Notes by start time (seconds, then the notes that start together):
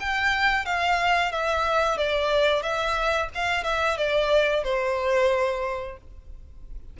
0.00 G5
0.65 F5
1.32 E5
1.97 D5
2.62 E5
3.35 F5
3.64 E5
3.97 D5
4.64 C5